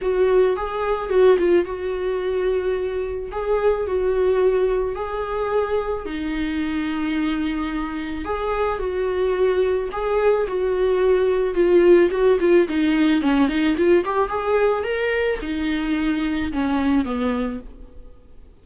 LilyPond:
\new Staff \with { instrumentName = "viola" } { \time 4/4 \tempo 4 = 109 fis'4 gis'4 fis'8 f'8 fis'4~ | fis'2 gis'4 fis'4~ | fis'4 gis'2 dis'4~ | dis'2. gis'4 |
fis'2 gis'4 fis'4~ | fis'4 f'4 fis'8 f'8 dis'4 | cis'8 dis'8 f'8 g'8 gis'4 ais'4 | dis'2 cis'4 b4 | }